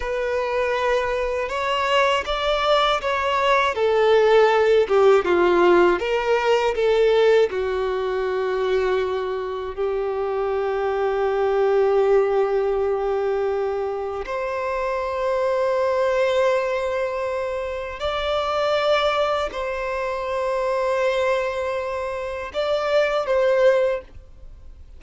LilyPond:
\new Staff \with { instrumentName = "violin" } { \time 4/4 \tempo 4 = 80 b'2 cis''4 d''4 | cis''4 a'4. g'8 f'4 | ais'4 a'4 fis'2~ | fis'4 g'2.~ |
g'2. c''4~ | c''1 | d''2 c''2~ | c''2 d''4 c''4 | }